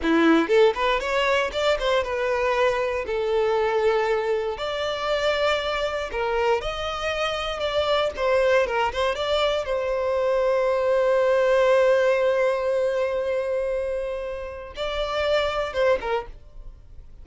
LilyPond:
\new Staff \with { instrumentName = "violin" } { \time 4/4 \tempo 4 = 118 e'4 a'8 b'8 cis''4 d''8 c''8 | b'2 a'2~ | a'4 d''2. | ais'4 dis''2 d''4 |
c''4 ais'8 c''8 d''4 c''4~ | c''1~ | c''1~ | c''4 d''2 c''8 ais'8 | }